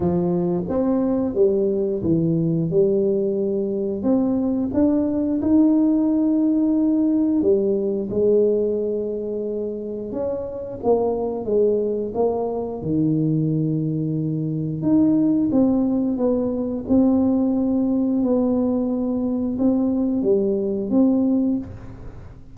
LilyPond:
\new Staff \with { instrumentName = "tuba" } { \time 4/4 \tempo 4 = 89 f4 c'4 g4 e4 | g2 c'4 d'4 | dis'2. g4 | gis2. cis'4 |
ais4 gis4 ais4 dis4~ | dis2 dis'4 c'4 | b4 c'2 b4~ | b4 c'4 g4 c'4 | }